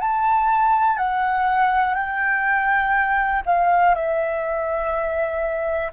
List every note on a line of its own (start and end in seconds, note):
0.00 0.97 A5
0.97 1.94 F#5
1.94 3.42 G5
3.46 3.95 F5
3.95 5.92 E5